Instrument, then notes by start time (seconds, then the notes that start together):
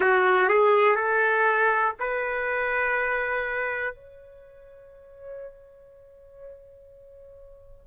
trumpet
0.00 F#4
0.48 G#4
0.95 A4
1.99 B4
3.94 C#5